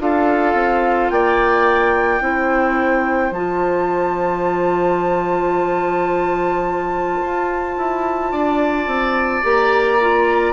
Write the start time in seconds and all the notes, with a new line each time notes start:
0.00 D4 F4 A4 F5
0.55 C4
1.10 A#3 D5 G5
2.21 C4 E4 C5
3.31 F3 F4 A5
7.21 F4
7.77 E4
8.32 D4 D5
8.87 C4
9.44 A#3 G4 A#5
10.01 F4